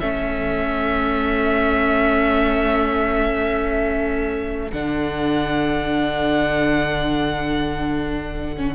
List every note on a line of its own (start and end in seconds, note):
0.00 4.72 A3
0.00 4.72 C#4
0.00 8.75 A4
0.00 4.71 E5
4.71 8.75 D3
4.71 8.56 D4
4.71 8.75 F#5
8.56 8.75 C#4